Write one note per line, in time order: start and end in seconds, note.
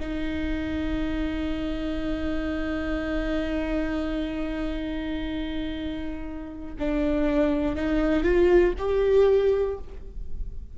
0.00 6.75 D#4
6.79 7.75 D4
7.75 8.24 D#4
8.24 8.74 F4
8.78 9.78 G4